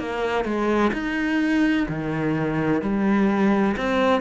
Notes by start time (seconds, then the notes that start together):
0.00 A#3
0.45 G#3
0.93 D#4
1.89 D#3
2.82 G3
3.78 C4